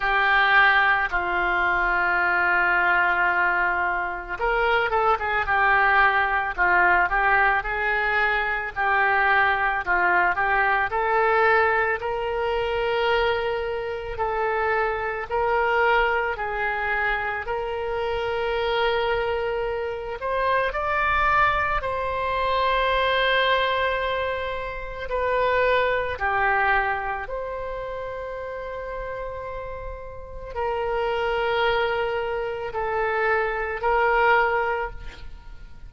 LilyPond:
\new Staff \with { instrumentName = "oboe" } { \time 4/4 \tempo 4 = 55 g'4 f'2. | ais'8 a'16 gis'16 g'4 f'8 g'8 gis'4 | g'4 f'8 g'8 a'4 ais'4~ | ais'4 a'4 ais'4 gis'4 |
ais'2~ ais'8 c''8 d''4 | c''2. b'4 | g'4 c''2. | ais'2 a'4 ais'4 | }